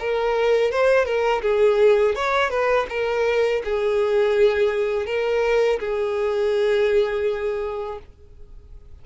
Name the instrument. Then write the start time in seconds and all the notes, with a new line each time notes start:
violin
0.00 A#4
0.72 C5
1.05 A#4
1.42 G#4
2.16 C#5
2.50 B4
2.90 A#4
3.65 G#4
5.06 A#4
5.80 G#4